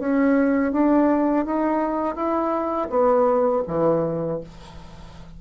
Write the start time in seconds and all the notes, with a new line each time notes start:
0.00 C#4
0.73 D4
1.46 D#4
2.16 E4
2.90 B3
3.68 E3